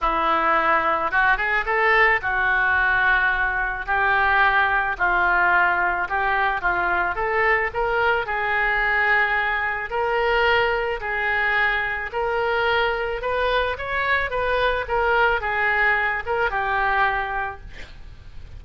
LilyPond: \new Staff \with { instrumentName = "oboe" } { \time 4/4 \tempo 4 = 109 e'2 fis'8 gis'8 a'4 | fis'2. g'4~ | g'4 f'2 g'4 | f'4 a'4 ais'4 gis'4~ |
gis'2 ais'2 | gis'2 ais'2 | b'4 cis''4 b'4 ais'4 | gis'4. ais'8 g'2 | }